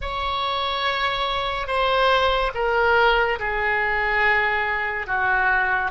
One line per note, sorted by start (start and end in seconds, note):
0.01 1.67 C#5
1.67 2.51 C5
2.54 3.38 A#4
3.39 5.07 G#4
5.07 5.91 F#4